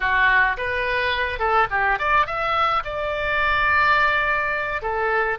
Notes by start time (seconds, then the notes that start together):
0.00 F#4
0.57 B4
1.39 A4
1.70 G4
1.98 D5
2.26 E5
2.84 D5
4.81 A4